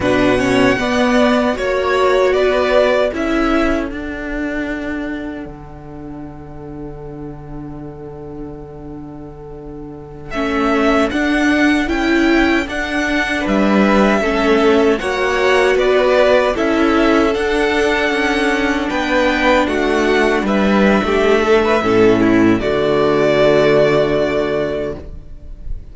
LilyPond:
<<
  \new Staff \with { instrumentName = "violin" } { \time 4/4 \tempo 4 = 77 fis''2 cis''4 d''4 | e''4 fis''2.~ | fis''1~ | fis''4~ fis''16 e''4 fis''4 g''8.~ |
g''16 fis''4 e''2 fis''8.~ | fis''16 d''4 e''4 fis''4.~ fis''16~ | fis''16 g''4 fis''4 e''4.~ e''16~ | e''4 d''2. | }
  \new Staff \with { instrumentName = "violin" } { \time 4/4 b'8 cis''8 d''4 cis''4 b'4 | a'1~ | a'1~ | a'1~ |
a'4~ a'16 b'4 a'4 cis''8.~ | cis''16 b'4 a'2~ a'8.~ | a'16 b'4 fis'4 b'8. g'8 a'16 b'16 | a'8 e'8 fis'2. | }
  \new Staff \with { instrumentName = "viola" } { \time 4/4 d'8 cis'8 b4 fis'2 | e'4 d'2.~ | d'1~ | d'4~ d'16 cis'4 d'4 e'8.~ |
e'16 d'2 cis'4 fis'8.~ | fis'4~ fis'16 e'4 d'4.~ d'16~ | d'1 | cis'4 a2. | }
  \new Staff \with { instrumentName = "cello" } { \time 4/4 b,4 b4 ais4 b4 | cis'4 d'2 d4~ | d1~ | d4~ d16 a4 d'4 cis'8.~ |
cis'16 d'4 g4 a4 ais8.~ | ais16 b4 cis'4 d'4 cis'8.~ | cis'16 b4 a4 g8. a4 | a,4 d2. | }
>>